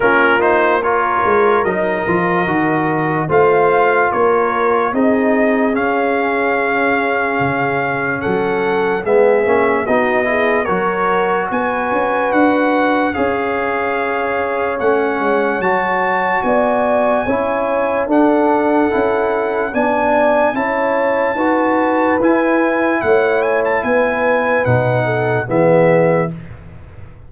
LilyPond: <<
  \new Staff \with { instrumentName = "trumpet" } { \time 4/4 \tempo 4 = 73 ais'8 c''8 cis''4 dis''2 | f''4 cis''4 dis''4 f''4~ | f''2 fis''4 e''4 | dis''4 cis''4 gis''4 fis''4 |
f''2 fis''4 a''4 | gis''2 fis''2 | gis''4 a''2 gis''4 | fis''8 gis''16 a''16 gis''4 fis''4 e''4 | }
  \new Staff \with { instrumentName = "horn" } { \time 4/4 f'4 ais'2. | c''4 ais'4 gis'2~ | gis'2 a'4 gis'4 | fis'8 gis'8 ais'4 b'2 |
cis''1 | d''4 cis''4 a'2 | d''4 cis''4 b'2 | cis''4 b'4. a'8 gis'4 | }
  \new Staff \with { instrumentName = "trombone" } { \time 4/4 cis'8 dis'8 f'4 dis'8 f'8 fis'4 | f'2 dis'4 cis'4~ | cis'2. b8 cis'8 | dis'8 e'8 fis'2. |
gis'2 cis'4 fis'4~ | fis'4 e'4 d'4 e'4 | d'4 e'4 fis'4 e'4~ | e'2 dis'4 b4 | }
  \new Staff \with { instrumentName = "tuba" } { \time 4/4 ais4. gis8 fis8 f8 dis4 | a4 ais4 c'4 cis'4~ | cis'4 cis4 fis4 gis8 ais8 | b4 fis4 b8 cis'8 d'4 |
cis'2 a8 gis8 fis4 | b4 cis'4 d'4 cis'4 | b4 cis'4 dis'4 e'4 | a4 b4 b,4 e4 | }
>>